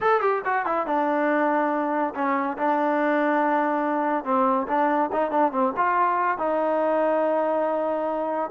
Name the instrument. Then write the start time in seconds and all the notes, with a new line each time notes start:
trombone
0.00 A4
0.21 G4
0.44 F#4
0.65 E4
0.86 D4
2.14 C#4
2.57 D4
4.24 C4
4.67 D4
5.12 D#4
5.31 D4
5.52 C4
5.76 F4
6.38 D#4